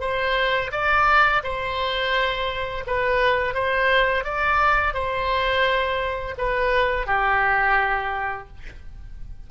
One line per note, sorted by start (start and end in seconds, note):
0.00 0.71 C5
0.72 1.42 D5
1.43 2.84 C5
2.87 3.54 B4
3.54 4.24 C5
4.24 4.94 D5
4.94 6.35 C5
6.38 7.07 B4
7.07 8.48 G4